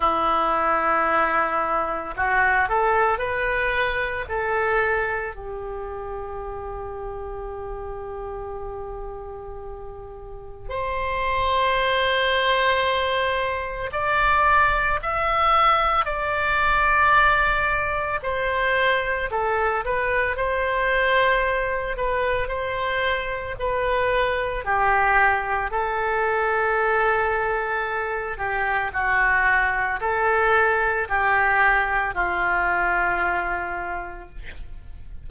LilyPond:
\new Staff \with { instrumentName = "oboe" } { \time 4/4 \tempo 4 = 56 e'2 fis'8 a'8 b'4 | a'4 g'2.~ | g'2 c''2~ | c''4 d''4 e''4 d''4~ |
d''4 c''4 a'8 b'8 c''4~ | c''8 b'8 c''4 b'4 g'4 | a'2~ a'8 g'8 fis'4 | a'4 g'4 f'2 | }